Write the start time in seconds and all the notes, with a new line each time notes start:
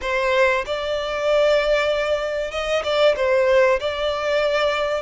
0.01 C5
0.65 D5
2.51 D#5
2.83 D5
3.16 C5
3.80 D5